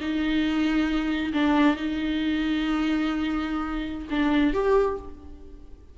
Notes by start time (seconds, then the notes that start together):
0.00 D#4
1.33 D4
1.76 D#4
4.10 D4
4.53 G4